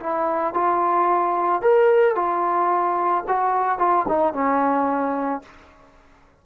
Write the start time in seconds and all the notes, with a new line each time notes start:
0.00 E4
0.54 F4
1.62 A#4
2.16 F4
3.28 F#4
3.79 F4
4.08 D#4
4.34 C#4